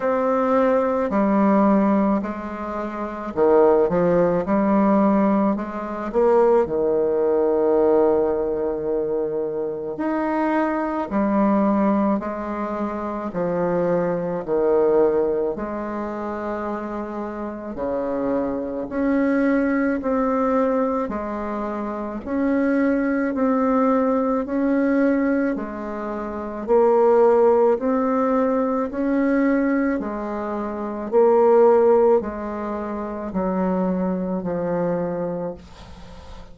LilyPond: \new Staff \with { instrumentName = "bassoon" } { \time 4/4 \tempo 4 = 54 c'4 g4 gis4 dis8 f8 | g4 gis8 ais8 dis2~ | dis4 dis'4 g4 gis4 | f4 dis4 gis2 |
cis4 cis'4 c'4 gis4 | cis'4 c'4 cis'4 gis4 | ais4 c'4 cis'4 gis4 | ais4 gis4 fis4 f4 | }